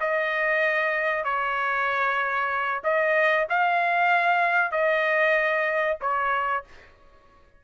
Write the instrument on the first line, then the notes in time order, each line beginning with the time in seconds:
trumpet
0.00 D#5
1.24 C#5
2.84 D#5
3.49 F5
4.71 D#5
6.01 C#5